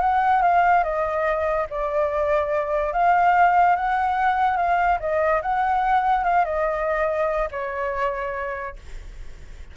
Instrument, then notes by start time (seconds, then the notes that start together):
flute
0.00 F#5
0.42 F5
0.83 D#5
1.70 D5
2.92 F5
3.76 F#5
4.56 F5
5.00 D#5
5.42 F#5
6.24 F5
6.45 D#5
7.51 C#5